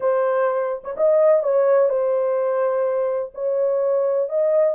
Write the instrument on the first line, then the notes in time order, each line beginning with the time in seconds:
horn
0.00 C5
0.84 C#5
0.97 D#5
1.43 C#5
1.89 C5
3.34 C#5
4.29 D#5